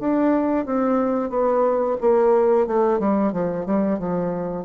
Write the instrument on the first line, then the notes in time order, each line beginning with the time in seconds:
bassoon
0.00 D4
0.65 C4
1.30 B3
2.01 A#3
2.67 A3
2.99 G3
3.33 F3
3.66 G3
3.99 F3